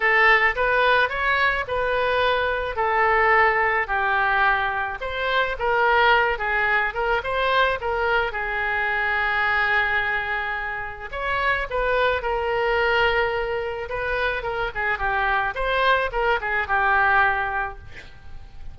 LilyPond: \new Staff \with { instrumentName = "oboe" } { \time 4/4 \tempo 4 = 108 a'4 b'4 cis''4 b'4~ | b'4 a'2 g'4~ | g'4 c''4 ais'4. gis'8~ | gis'8 ais'8 c''4 ais'4 gis'4~ |
gis'1 | cis''4 b'4 ais'2~ | ais'4 b'4 ais'8 gis'8 g'4 | c''4 ais'8 gis'8 g'2 | }